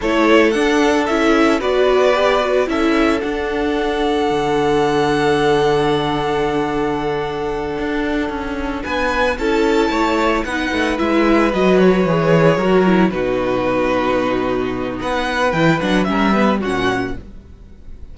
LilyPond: <<
  \new Staff \with { instrumentName = "violin" } { \time 4/4 \tempo 4 = 112 cis''4 fis''4 e''4 d''4~ | d''4 e''4 fis''2~ | fis''1~ | fis''1~ |
fis''8 gis''4 a''2 fis''8~ | fis''8 e''4 dis''8 cis''2~ | cis''8 b'2.~ b'8 | fis''4 g''8 fis''8 e''4 fis''4 | }
  \new Staff \with { instrumentName = "violin" } { \time 4/4 a'2. b'4~ | b'4 a'2.~ | a'1~ | a'1~ |
a'8 b'4 a'4 cis''4 b'8~ | b'2.~ b'8 ais'8~ | ais'8 fis'2.~ fis'8 | b'2 ais'8 b'8 fis'4 | }
  \new Staff \with { instrumentName = "viola" } { \time 4/4 e'4 d'4 e'4 fis'4 | g'8 fis'8 e'4 d'2~ | d'1~ | d'1~ |
d'4. e'2 dis'8~ | dis'8 e'4 fis'4 gis'4 fis'8 | e'8 dis'2.~ dis'8~ | dis'4 e'8 d'8 cis'8 b8 cis'4 | }
  \new Staff \with { instrumentName = "cello" } { \time 4/4 a4 d'4 cis'4 b4~ | b4 cis'4 d'2 | d1~ | d2~ d8 d'4 cis'8~ |
cis'8 b4 cis'4 a4 b8 | a8 gis4 fis4 e4 fis8~ | fis8 b,2.~ b,8 | b4 e8 fis8 g4 ais,4 | }
>>